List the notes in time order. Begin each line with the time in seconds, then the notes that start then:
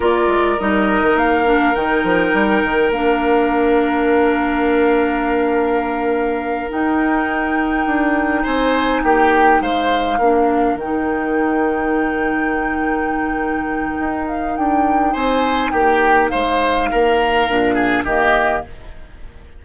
0.00 A#3 F4 A#4 D5
0.27 G#3
0.59 G3 D#4 D#5
1.02 D#3
1.15 A#3 F5
1.45 D4
1.75 D#3 D#4 G5
2.03 F3
2.33 G3
2.63 D#3
2.90 A#3 D4 F5
6.68 D#4 G5
7.86 D4
8.42 C4 C5 G#5
9.03 A#3 G4 G5
9.60 G#3 C5 F5
10.18 A#3 D4 A#4
10.74 D#3 D#4 G5
13.99 D#4
14.28 F5
14.56 D4 G5
15.12 C4 C5 G#5
15.70 A#3 G4 G5
16.29 G#3 C5 F5
16.91 A#3 A#4
17.49 A#2 D4
17.74 G#4
18.04 D#3 A#3 G4 D#5